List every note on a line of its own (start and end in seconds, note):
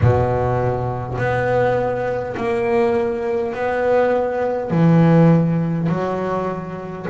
0.01 1.18 B2
1.18 2.35 B3
2.36 3.53 A#3
3.53 4.70 B3
4.70 5.88 E3
5.88 7.06 F#3